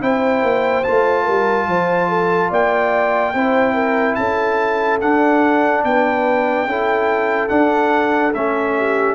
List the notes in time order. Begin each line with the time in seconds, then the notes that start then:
0.00 C4 E4 C5 G5
0.42 A#3
0.84 A3 F4 A5
1.24 G3 A#4
1.67 F3 C5
2.09 A4
2.50 A#3 D5 G5
3.34 C4 E4 C5
3.74 A#4
4.15 C#4 A4 A5
5.01 D4 F#5
5.84 B3 B4 G5
6.65 C#4 E4 A4
7.49 D4 F#5
8.34 A3 C#4 E5
8.77 G4